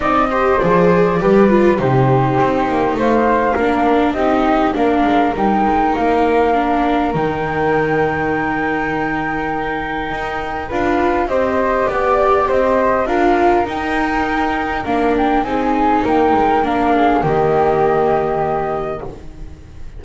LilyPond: <<
  \new Staff \with { instrumentName = "flute" } { \time 4/4 \tempo 4 = 101 dis''4 d''2 c''4~ | c''4 f''2 dis''4 | f''4 g''4 f''2 | g''1~ |
g''2 f''4 dis''4 | d''4 dis''4 f''4 g''4~ | g''4 f''8 g''8 gis''4 g''4 | f''4 dis''2. | }
  \new Staff \with { instrumentName = "flute" } { \time 4/4 d''8 c''4. b'4 g'4~ | g'4 c''4 ais'4 g'4 | ais'1~ | ais'1~ |
ais'2 b'4 c''4 | d''4 c''4 ais'2~ | ais'2 gis'4 ais'4~ | ais'8 gis'8 g'2. | }
  \new Staff \with { instrumentName = "viola" } { \time 4/4 dis'8 g'8 gis'4 g'8 f'8 dis'4~ | dis'2 d'4 dis'4 | d'4 dis'2 d'4 | dis'1~ |
dis'2 f'4 g'4~ | g'2 f'4 dis'4~ | dis'4 d'4 dis'2 | d'4 ais2. | }
  \new Staff \with { instrumentName = "double bass" } { \time 4/4 c'4 f4 g4 c4 | c'8 ais8 a4 ais4 c'4 | ais8 gis8 g8 gis8 ais2 | dis1~ |
dis4 dis'4 d'4 c'4 | b4 c'4 d'4 dis'4~ | dis'4 ais4 c'4 ais8 gis8 | ais4 dis2. | }
>>